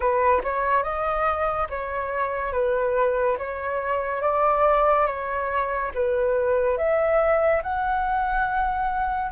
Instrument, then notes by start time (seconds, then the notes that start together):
flute
0.00 B4
0.43 C#5
0.83 D#5
1.69 C#5
2.52 B4
3.38 C#5
4.21 D5
5.06 C#5
5.94 B4
6.77 E5
7.62 F#5